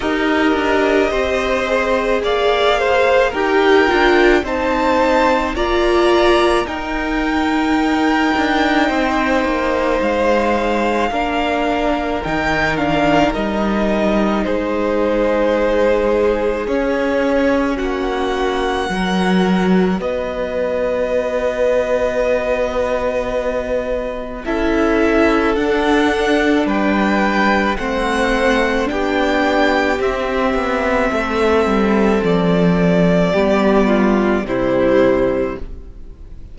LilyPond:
<<
  \new Staff \with { instrumentName = "violin" } { \time 4/4 \tempo 4 = 54 dis''2 f''4 g''4 | a''4 ais''4 g''2~ | g''4 f''2 g''8 f''8 | dis''4 c''2 cis''4 |
fis''2 dis''2~ | dis''2 e''4 fis''4 | g''4 fis''4 g''4 e''4~ | e''4 d''2 c''4 | }
  \new Staff \with { instrumentName = "violin" } { \time 4/4 ais'4 c''4 d''8 c''8 ais'4 | c''4 d''4 ais'2 | c''2 ais'2~ | ais'4 gis'2. |
fis'4 ais'4 b'2~ | b'2 a'2 | b'4 c''4 g'2 | a'2 g'8 f'8 e'4 | }
  \new Staff \with { instrumentName = "viola" } { \time 4/4 g'4. gis'4. g'8 f'8 | dis'4 f'4 dis'2~ | dis'2 d'4 dis'8 d'8 | dis'2. cis'4~ |
cis'4 fis'2.~ | fis'2 e'4 d'4~ | d'4 c'4 d'4 c'4~ | c'2 b4 g4 | }
  \new Staff \with { instrumentName = "cello" } { \time 4/4 dis'8 d'8 c'4 ais4 dis'8 d'8 | c'4 ais4 dis'4. d'8 | c'8 ais8 gis4 ais4 dis4 | g4 gis2 cis'4 |
ais4 fis4 b2~ | b2 cis'4 d'4 | g4 a4 b4 c'8 b8 | a8 g8 f4 g4 c4 | }
>>